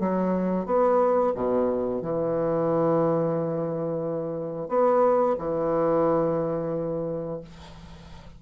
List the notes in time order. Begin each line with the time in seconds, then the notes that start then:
0.00 F#3
0.66 B3
1.35 B2
2.02 E3
4.69 B3
5.39 E3